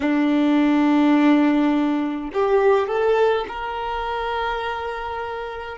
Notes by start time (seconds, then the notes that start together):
0.00 D4
2.33 G4
2.87 A4
3.48 A#4